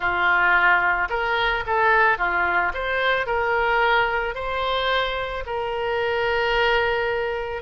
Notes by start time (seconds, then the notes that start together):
0.00 F4
1.09 A#4
1.66 A4
2.17 F4
2.73 C5
3.26 A#4
4.35 C5
5.46 A#4